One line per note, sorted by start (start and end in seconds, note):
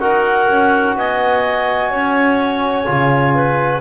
0.00 0.48 D#4
0.00 2.85 F#4
0.00 0.95 A#4
0.00 0.95 F#5
0.48 0.96 C#4
0.96 1.91 B3
0.96 1.90 D#5
0.96 3.81 G#5
1.90 2.87 C#4
1.90 3.33 C#5
2.85 3.81 C#3
2.85 3.81 F4
3.34 3.81 B4